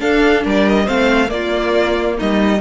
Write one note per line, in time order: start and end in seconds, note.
0.00 0.87 D4
0.00 0.45 D4
0.00 0.45 A4
0.00 0.45 F5
0.45 0.89 G3
0.45 0.86 A#4
0.45 0.69 D5
0.69 0.88 D#5
0.86 1.31 A3
0.86 1.28 C4
0.86 1.29 C5
0.86 1.30 F5
1.28 2.58 A#3
1.28 2.18 A#3
1.28 2.18 F4
1.28 2.17 D5
2.18 2.62 G3
2.18 2.61 D#4
2.18 2.62 D#5